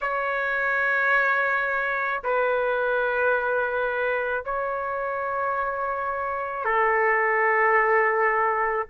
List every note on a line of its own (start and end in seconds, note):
0.01 2.23 C#5
2.23 4.44 B4
4.44 6.64 C#5
6.64 8.86 A4